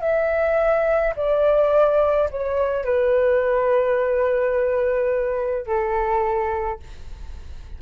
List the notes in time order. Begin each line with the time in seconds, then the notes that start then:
0.00 E5
1.16 D5
2.30 C#5
2.85 B4
5.66 A4